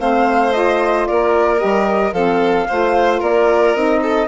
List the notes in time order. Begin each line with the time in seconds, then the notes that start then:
0.00 A3 C4 C5 F5
0.53 F4 D#5
1.06 A#3 A#4 D5
1.57 G3 G4 D#5
2.12 F3 C4 A4 F5
2.68 A3 F4 C5
3.19 A#3 A#4 D5
3.75 C4 D#4 D#5
4.02 A4